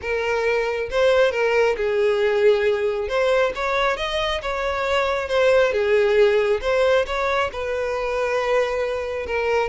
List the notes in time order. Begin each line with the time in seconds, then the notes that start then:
0.01 A#4
0.90 C5
1.31 A#4
1.76 G#4
3.08 C5
3.55 C#5
3.97 D#5
4.42 C#5
5.28 C5
5.72 G#4
6.61 C5
7.06 C#5
7.52 B4
9.26 A#4